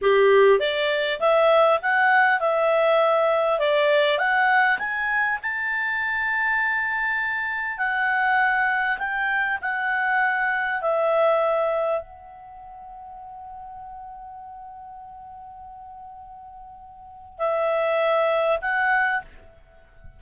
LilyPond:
\new Staff \with { instrumentName = "clarinet" } { \time 4/4 \tempo 4 = 100 g'4 d''4 e''4 fis''4 | e''2 d''4 fis''4 | gis''4 a''2.~ | a''4 fis''2 g''4 |
fis''2 e''2 | fis''1~ | fis''1~ | fis''4 e''2 fis''4 | }